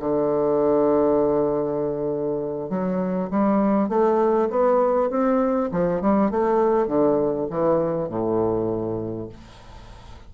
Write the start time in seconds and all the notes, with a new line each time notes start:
0.00 D3
2.70 F#3
3.31 G3
3.89 A3
4.51 B3
5.10 C4
5.72 F3
6.01 G3
6.31 A3
6.88 D3
7.50 E3
8.09 A2